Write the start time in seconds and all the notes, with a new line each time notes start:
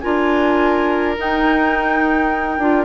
0.00 D4 F4 A#4 G#5
1.17 D#4 G5
2.59 D4 F4